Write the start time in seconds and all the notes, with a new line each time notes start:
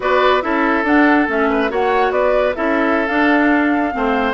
0.00 B3 F#4 B4 D5
0.41 C#4 E4 A4 E5
0.83 D4 F#5
1.28 A3 C#4 E5
1.49 B4
1.69 A#3 F#4 C#5 F#5
2.11 B3 B4 D5
2.55 C#4 E4 A4 E5
3.06 D4 F5
3.91 A3 C4 C5